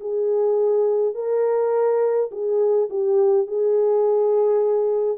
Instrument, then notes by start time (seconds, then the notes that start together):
horn
0.00 G#4
1.14 A#4
2.31 G#4
2.90 G4
3.47 G#4